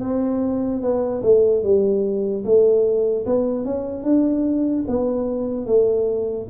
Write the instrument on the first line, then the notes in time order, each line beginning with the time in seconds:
tuba
0.00 C4
0.81 B3
1.22 A3
1.63 G3
2.44 A3
3.26 B3
3.65 C#4
4.03 D4
4.87 B3
5.66 A3